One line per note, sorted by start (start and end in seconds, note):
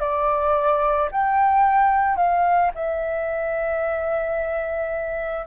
0.00 1.09 D5
1.12 2.17 G5
2.17 2.71 F5
2.75 5.47 E5